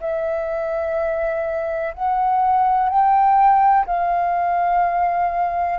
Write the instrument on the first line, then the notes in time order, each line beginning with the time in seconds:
flute
0.00 E5
1.94 F#5
2.89 G5
3.86 F5